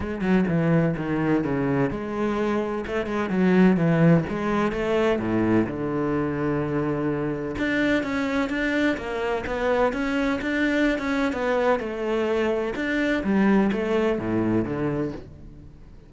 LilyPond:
\new Staff \with { instrumentName = "cello" } { \time 4/4 \tempo 4 = 127 gis8 fis8 e4 dis4 cis4 | gis2 a8 gis8 fis4 | e4 gis4 a4 a,4 | d1 |
d'4 cis'4 d'4 ais4 | b4 cis'4 d'4~ d'16 cis'8. | b4 a2 d'4 | g4 a4 a,4 d4 | }